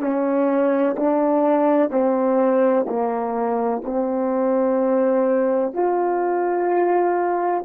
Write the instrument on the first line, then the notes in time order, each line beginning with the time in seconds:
horn
0.00 C#4
0.97 D4
1.90 C4
2.87 A#3
3.84 C4
5.73 F4